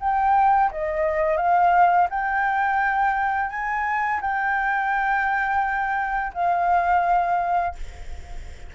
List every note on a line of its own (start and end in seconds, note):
0.00 0.71 G5
0.72 1.37 D#5
1.37 2.08 F5
2.10 3.50 G5
3.50 4.20 G#5
4.21 6.33 G5
6.34 7.75 F5